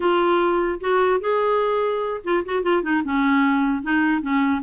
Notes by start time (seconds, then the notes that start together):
0.00 F4
0.80 F#4
1.20 G#4
2.23 F4
2.45 F#4
2.62 F4
2.82 D#4
3.04 C#4
3.82 D#4
4.21 C#4